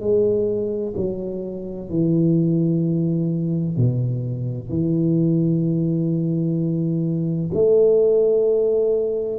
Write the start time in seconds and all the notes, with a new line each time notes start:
0.00 G#3
0.96 F#3
1.89 E3
3.76 B2
4.69 E3
7.53 A3